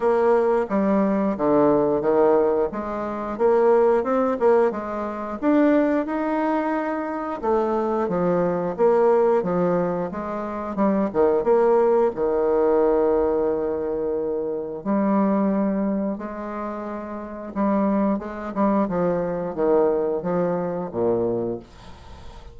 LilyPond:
\new Staff \with { instrumentName = "bassoon" } { \time 4/4 \tempo 4 = 89 ais4 g4 d4 dis4 | gis4 ais4 c'8 ais8 gis4 | d'4 dis'2 a4 | f4 ais4 f4 gis4 |
g8 dis8 ais4 dis2~ | dis2 g2 | gis2 g4 gis8 g8 | f4 dis4 f4 ais,4 | }